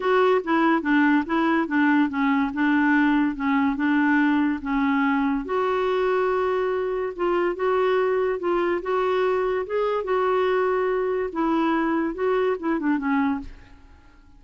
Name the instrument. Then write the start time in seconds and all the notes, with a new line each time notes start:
clarinet
0.00 F#4
0.43 E4
0.82 D4
1.26 E4
1.67 D4
2.09 C#4
2.53 D4
3.35 C#4
3.76 D4
4.61 C#4
5.45 F#4
7.16 F4
7.55 F#4
8.39 F4
8.81 F#4
9.66 G#4
10.04 F#4
11.32 E4
12.14 F#4
12.59 E4
12.79 D4
12.97 C#4